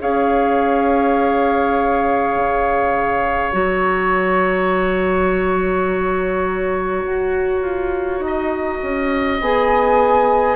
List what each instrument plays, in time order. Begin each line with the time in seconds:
0.00 bassoon C#4, clarinet G#4, oboe C#5, flute F5
2.35 bassoon C#3
3.52 bassoon F#3, clarinet F#4, flute A#5
7.06 bassoon F#4
7.61 bassoon F4
8.19 bassoon D#4
8.26 oboe D#5
8.82 bassoon C#4
9.40 bassoon B3, clarinet G#4, flute G#5